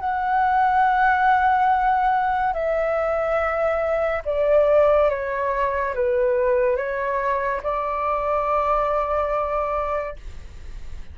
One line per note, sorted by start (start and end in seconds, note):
0.00 2.54 F#5
2.54 4.23 E5
4.26 5.10 D5
5.10 5.95 C#5
5.95 6.77 B4
6.77 7.61 C#5
7.63 10.17 D5